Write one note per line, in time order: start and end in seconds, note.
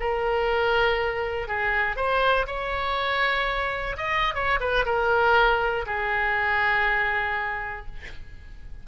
0.00 1.48 A#4
1.48 1.96 G#4
1.96 2.46 C5
2.47 3.97 C#5
3.97 4.35 D#5
4.35 4.60 C#5
4.60 4.85 B4
4.85 5.85 A#4
5.86 7.86 G#4